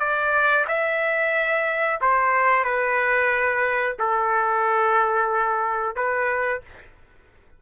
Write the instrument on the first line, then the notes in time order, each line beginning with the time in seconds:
trumpet
0.00 D5
0.68 E5
2.01 C5
2.64 B4
4.00 A4
5.96 B4